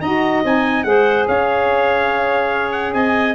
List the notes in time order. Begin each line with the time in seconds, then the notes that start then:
0.00 D#4 F#4 D#5 A#5
0.43 C4 D#4 G#5
0.83 G#3 G#4 C5 F#5
1.27 C#4 C#5 F5
2.71 F#5
2.93 C4 D#5 G#5